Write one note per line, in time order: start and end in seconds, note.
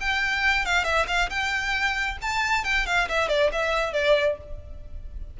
0.00 0.65 G5
0.65 0.84 F5
0.84 1.06 E5
1.07 1.29 F5
1.30 2.18 G5
2.22 2.64 A5
2.64 2.86 G5
2.86 3.08 F5
3.09 3.28 E5
3.28 3.51 D5
3.52 3.93 E5
3.93 4.37 D5